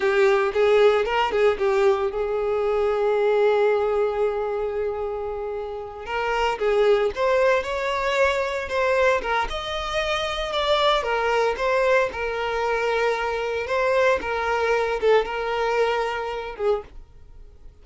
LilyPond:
\new Staff \with { instrumentName = "violin" } { \time 4/4 \tempo 4 = 114 g'4 gis'4 ais'8 gis'8 g'4 | gis'1~ | gis'2.~ gis'8 ais'8~ | ais'8 gis'4 c''4 cis''4.~ |
cis''8 c''4 ais'8 dis''2 | d''4 ais'4 c''4 ais'4~ | ais'2 c''4 ais'4~ | ais'8 a'8 ais'2~ ais'8 gis'8 | }